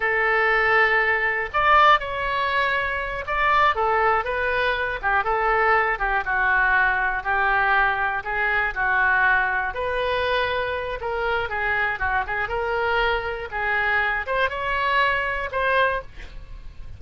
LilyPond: \new Staff \with { instrumentName = "oboe" } { \time 4/4 \tempo 4 = 120 a'2. d''4 | cis''2~ cis''8 d''4 a'8~ | a'8 b'4. g'8 a'4. | g'8 fis'2 g'4.~ |
g'8 gis'4 fis'2 b'8~ | b'2 ais'4 gis'4 | fis'8 gis'8 ais'2 gis'4~ | gis'8 c''8 cis''2 c''4 | }